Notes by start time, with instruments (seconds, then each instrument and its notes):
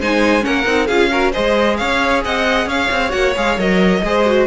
0.00 cello G#3, viola D#4, violin C5 G#5
0.42 cello A#3, viola C#4, violin A#4 F#5
0.66 cello C4, viola D#4
0.87 cello C#4, viola F4, violin G#4 F5
1.11 viola F#4, violin A#4
1.32 cello G#3, viola G#4, violin C5 D#5
1.77 cello C#4, violin C#5 F5
2.25 cello C4, violin D#5 F#5
2.66 cello C#4, violin C#5 F5
2.91 cello C4
3.10 cello A#3, viola F#4, violin F#5
3.37 cello G#3, viola G#4, violin F5
3.58 cello F#3, viola A#4, violin D#5
4.03 cello G#3, viola G#4, violin C5
4.26 viola F#4